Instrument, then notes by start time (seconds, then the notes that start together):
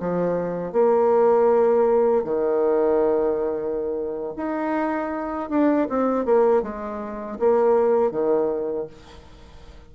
bassoon
0.00 F3
0.72 A#3
2.24 D#3
4.36 D#4
5.50 D4
5.89 C4
6.25 A#3
6.62 G#3
7.39 A#3
8.11 D#3